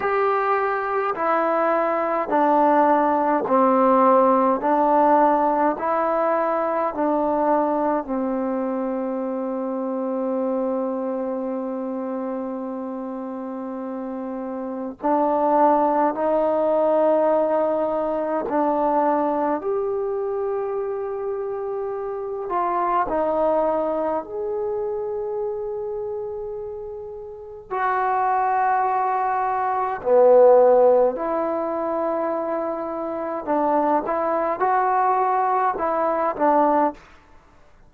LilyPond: \new Staff \with { instrumentName = "trombone" } { \time 4/4 \tempo 4 = 52 g'4 e'4 d'4 c'4 | d'4 e'4 d'4 c'4~ | c'1~ | c'4 d'4 dis'2 |
d'4 g'2~ g'8 f'8 | dis'4 gis'2. | fis'2 b4 e'4~ | e'4 d'8 e'8 fis'4 e'8 d'8 | }